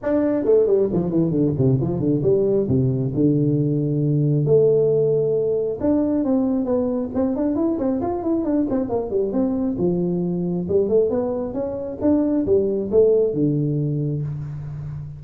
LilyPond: \new Staff \with { instrumentName = "tuba" } { \time 4/4 \tempo 4 = 135 d'4 a8 g8 f8 e8 d8 c8 | f8 d8 g4 c4 d4~ | d2 a2~ | a4 d'4 c'4 b4 |
c'8 d'8 e'8 c'8 f'8 e'8 d'8 c'8 | ais8 g8 c'4 f2 | g8 a8 b4 cis'4 d'4 | g4 a4 d2 | }